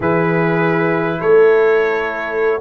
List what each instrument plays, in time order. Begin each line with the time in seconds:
0.00 tuba E3, trombone E4, horn G#4, trumpet B4
1.19 tuba A3, horn A4, trumpet C#5